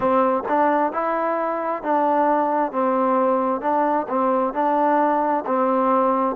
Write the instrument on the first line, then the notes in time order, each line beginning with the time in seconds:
trombone
0.00 C4
0.48 D4
0.92 E4
1.82 D4
2.72 C4
3.61 D4
4.08 C4
4.53 D4
5.45 C4